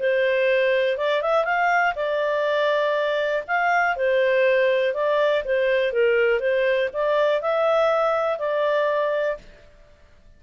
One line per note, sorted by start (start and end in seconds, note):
0.00 0.98 C5
0.98 1.22 D5
1.22 1.45 E5
1.45 1.94 F5
1.96 3.44 D5
3.48 3.96 F5
3.96 4.94 C5
4.94 5.44 D5
5.45 5.93 C5
5.93 6.40 A#4
6.40 6.90 C5
6.93 7.42 D5
7.42 8.39 E5
8.39 9.38 D5